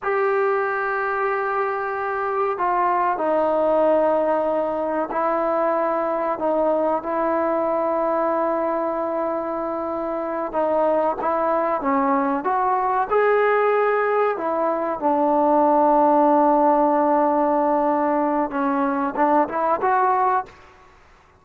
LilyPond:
\new Staff \with { instrumentName = "trombone" } { \time 4/4 \tempo 4 = 94 g'1 | f'4 dis'2. | e'2 dis'4 e'4~ | e'1~ |
e'8 dis'4 e'4 cis'4 fis'8~ | fis'8 gis'2 e'4 d'8~ | d'1~ | d'4 cis'4 d'8 e'8 fis'4 | }